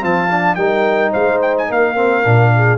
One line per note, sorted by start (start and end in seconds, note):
0.00 0.57 F3
0.00 0.28 C4
0.00 0.57 F5
0.00 0.55 A5
0.31 0.58 D4
0.55 1.12 G3
0.55 1.96 D#4
0.55 1.11 A#4
0.55 1.11 G5
1.11 1.70 G#3
1.11 1.67 C5
1.11 1.41 F5
1.42 1.56 G5
1.58 1.72 G#5
1.69 2.26 A#3
1.69 2.52 A#4
1.69 2.78 F5
1.96 2.23 C4
2.23 2.78 A#2
2.23 2.78 D4
2.56 2.78 G#4